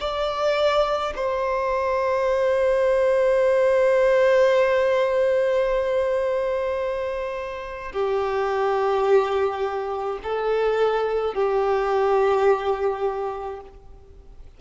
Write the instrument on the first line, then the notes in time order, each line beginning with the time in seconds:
violin
0.00 D5
1.16 C5
7.92 G4
10.23 A4
11.34 G4